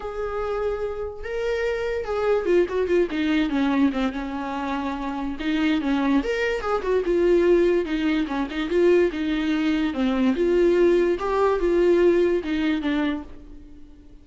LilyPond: \new Staff \with { instrumentName = "viola" } { \time 4/4 \tempo 4 = 145 gis'2. ais'4~ | ais'4 gis'4 f'8 fis'8 f'8 dis'8~ | dis'8 cis'4 c'8 cis'2~ | cis'4 dis'4 cis'4 ais'4 |
gis'8 fis'8 f'2 dis'4 | cis'8 dis'8 f'4 dis'2 | c'4 f'2 g'4 | f'2 dis'4 d'4 | }